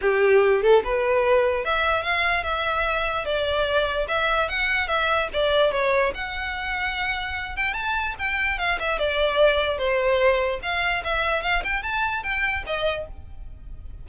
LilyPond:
\new Staff \with { instrumentName = "violin" } { \time 4/4 \tempo 4 = 147 g'4. a'8 b'2 | e''4 f''4 e''2 | d''2 e''4 fis''4 | e''4 d''4 cis''4 fis''4~ |
fis''2~ fis''8 g''8 a''4 | g''4 f''8 e''8 d''2 | c''2 f''4 e''4 | f''8 g''8 a''4 g''4 dis''4 | }